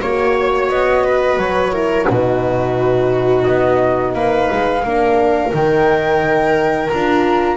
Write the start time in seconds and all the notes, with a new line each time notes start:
0.00 A#3 F#4 C#5
0.69 B3 D#5
1.04 B4
1.37 F#3 C#5
1.72 E4 A#4
2.05 B2 D#4 F#4 B4
3.42 B3 D#5
4.14 A#3 B4 F5
4.52 G#3
4.83 A#3 D4 A#4
5.51 D#3 D#4 G5
6.87 F4 A#5
6.94 D4